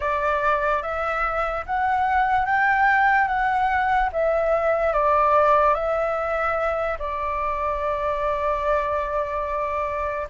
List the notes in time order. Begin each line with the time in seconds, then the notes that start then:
0.00 D5
0.82 E5
1.66 F#5
2.45 G5
3.27 F#5
4.12 E5
4.93 D5
5.74 E5
6.98 D5